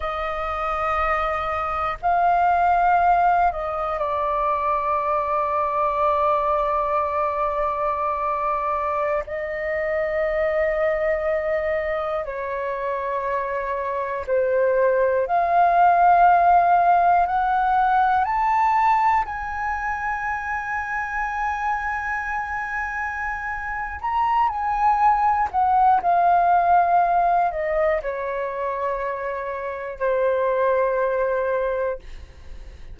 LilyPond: \new Staff \with { instrumentName = "flute" } { \time 4/4 \tempo 4 = 60 dis''2 f''4. dis''8 | d''1~ | d''4~ d''16 dis''2~ dis''8.~ | dis''16 cis''2 c''4 f''8.~ |
f''4~ f''16 fis''4 a''4 gis''8.~ | gis''1 | ais''8 gis''4 fis''8 f''4. dis''8 | cis''2 c''2 | }